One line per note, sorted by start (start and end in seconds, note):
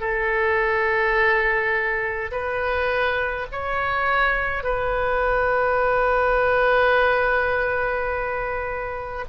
0.00 2.31 A4
2.31 3.47 B4
3.51 4.63 C#5
4.63 9.25 B4